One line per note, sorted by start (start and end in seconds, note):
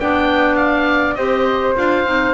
0.00 1.17 B3
0.00 1.18 D4
0.00 1.18 D5
0.00 0.57 G5
0.57 1.15 F5
1.15 1.76 C4
1.15 1.76 G4
1.15 2.35 C5
1.15 1.74 D#5
1.76 2.06 D4
1.76 2.06 F4
1.76 2.35 F5
2.06 2.35 C4
2.06 2.35 D#4